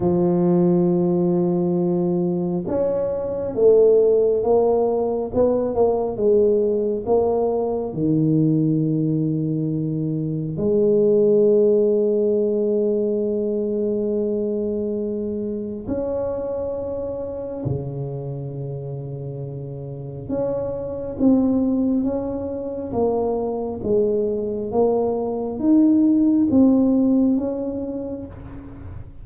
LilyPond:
\new Staff \with { instrumentName = "tuba" } { \time 4/4 \tempo 4 = 68 f2. cis'4 | a4 ais4 b8 ais8 gis4 | ais4 dis2. | gis1~ |
gis2 cis'2 | cis2. cis'4 | c'4 cis'4 ais4 gis4 | ais4 dis'4 c'4 cis'4 | }